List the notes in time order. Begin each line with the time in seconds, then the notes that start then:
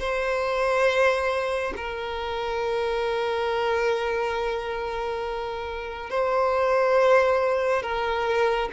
0.00 C5
1.77 A#4
6.10 C5
7.83 A#4